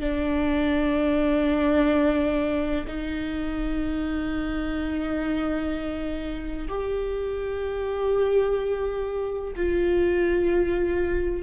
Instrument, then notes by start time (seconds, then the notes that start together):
viola
0.00 D4
2.87 D#4
6.68 G4
9.56 F4